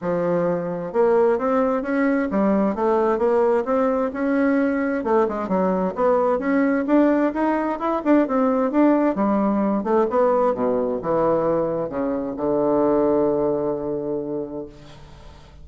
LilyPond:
\new Staff \with { instrumentName = "bassoon" } { \time 4/4 \tempo 4 = 131 f2 ais4 c'4 | cis'4 g4 a4 ais4 | c'4 cis'2 a8 gis8 | fis4 b4 cis'4 d'4 |
dis'4 e'8 d'8 c'4 d'4 | g4. a8 b4 b,4 | e2 cis4 d4~ | d1 | }